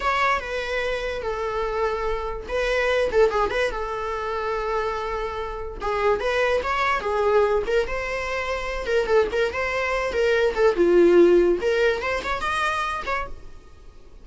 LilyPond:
\new Staff \with { instrumentName = "viola" } { \time 4/4 \tempo 4 = 145 cis''4 b'2 a'4~ | a'2 b'4. a'8 | gis'8 b'8 a'2.~ | a'2 gis'4 b'4 |
cis''4 gis'4. ais'8 c''4~ | c''4. ais'8 a'8 ais'8 c''4~ | c''8 ais'4 a'8 f'2 | ais'4 c''8 cis''8 dis''4. cis''8 | }